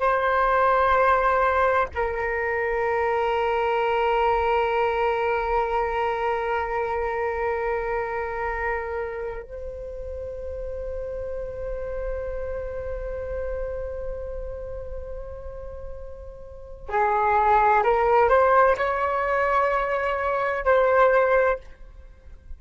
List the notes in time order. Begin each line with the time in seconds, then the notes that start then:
0.00 C5
1.94 A#4
9.42 C5
16.89 G#4
17.83 A#4
18.29 C5
18.78 C#5
20.65 C5